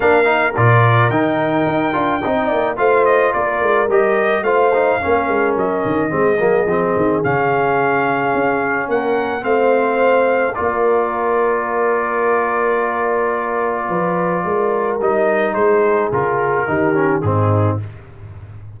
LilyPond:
<<
  \new Staff \with { instrumentName = "trumpet" } { \time 4/4 \tempo 4 = 108 f''4 d''4 g''2~ | g''4 f''8 dis''8 d''4 dis''4 | f''2 dis''2~ | dis''4 f''2. |
fis''4 f''2 d''4~ | d''1~ | d''2. dis''4 | c''4 ais'2 gis'4 | }
  \new Staff \with { instrumentName = "horn" } { \time 4/4 ais'1 | dis''8 d''8 c''4 ais'2 | c''4 ais'2 gis'4~ | gis'1 |
ais'4 c''2 ais'4~ | ais'1~ | ais'4 b'4 ais'2 | gis'2 g'4 dis'4 | }
  \new Staff \with { instrumentName = "trombone" } { \time 4/4 d'8 dis'8 f'4 dis'4. f'8 | dis'4 f'2 g'4 | f'8 dis'8 cis'2 c'8 ais8 | c'4 cis'2.~ |
cis'4 c'2 f'4~ | f'1~ | f'2. dis'4~ | dis'4 f'4 dis'8 cis'8 c'4 | }
  \new Staff \with { instrumentName = "tuba" } { \time 4/4 ais4 ais,4 dis4 dis'8 d'8 | c'8 ais8 a4 ais8 gis8 g4 | a4 ais8 gis8 fis8 dis8 gis8 fis8 | f8 dis8 cis2 cis'4 |
ais4 a2 ais4~ | ais1~ | ais4 f4 gis4 g4 | gis4 cis4 dis4 gis,4 | }
>>